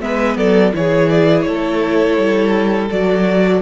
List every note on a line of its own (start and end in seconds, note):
0.00 0.37 G#3
0.00 0.72 B3
0.00 0.37 B4
0.00 0.37 E5
0.37 0.73 F#3
0.37 0.73 A4
0.37 0.73 D5
0.72 1.45 E3
0.72 2.89 E4
0.72 1.46 G#4
0.72 1.09 C#5
1.09 1.43 D5
1.43 2.17 A3
1.43 3.61 A4
1.43 2.87 C#5
2.17 2.89 G3
2.90 3.61 F#3
2.90 3.61 F#4
2.90 3.61 D5